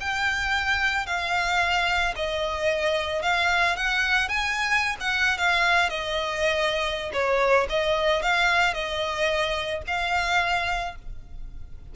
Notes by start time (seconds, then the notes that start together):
0.00 G5
1.06 F5
2.15 D#5
3.22 F5
3.76 F#5
4.28 G#5
5.00 F#5
5.38 F5
5.89 D#5
7.13 C#5
7.69 D#5
8.22 F5
8.74 D#5
9.87 F5